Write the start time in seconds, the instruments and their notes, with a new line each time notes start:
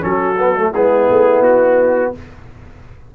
0.00 tuba F#3, trombone C#4, horn F#4, trumpet A4
0.38 trombone B3
0.56 trombone A3
0.71 tuba G#3, trombone B3, horn E4, trumpet G#4
1.10 tuba A3
1.40 tuba B3, trumpet F#4